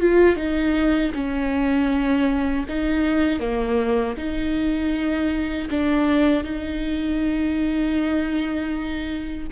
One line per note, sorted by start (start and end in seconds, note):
0.00 0.36 F4
0.36 1.12 D#4
1.14 2.66 C#4
2.68 3.39 D#4
3.39 4.15 A#3
4.17 5.69 D#4
5.70 6.43 D4
6.43 9.47 D#4